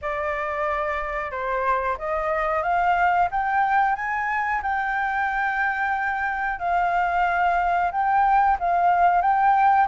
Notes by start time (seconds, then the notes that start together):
0.01 D5
1.31 C5
1.98 D#5
2.63 F5
3.31 G5
3.95 G#5
4.62 G5
6.59 F5
7.91 G5
8.59 F5
9.21 G5